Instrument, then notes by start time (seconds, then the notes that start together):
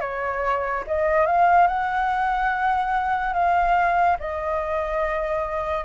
flute
0.00 C#5
0.87 D#5
1.26 F5
1.67 F#5
3.33 F5
4.19 D#5